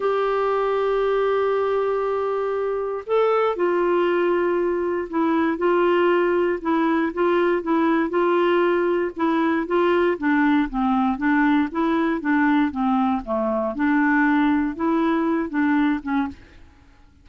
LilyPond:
\new Staff \with { instrumentName = "clarinet" } { \time 4/4 \tempo 4 = 118 g'1~ | g'2 a'4 f'4~ | f'2 e'4 f'4~ | f'4 e'4 f'4 e'4 |
f'2 e'4 f'4 | d'4 c'4 d'4 e'4 | d'4 c'4 a4 d'4~ | d'4 e'4. d'4 cis'8 | }